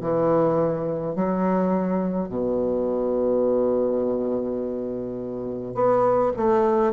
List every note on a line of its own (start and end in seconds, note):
0.00 1.15 E3
1.15 2.28 F#3
2.28 5.74 B2
5.74 6.32 B3
6.36 6.92 A3